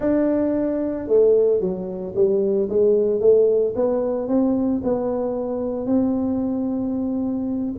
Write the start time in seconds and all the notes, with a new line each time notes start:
0.00 D4
1.07 A3
1.60 F#3
2.15 G3
2.69 G#3
3.20 A3
3.75 B3
4.28 C4
4.83 B3
5.86 C4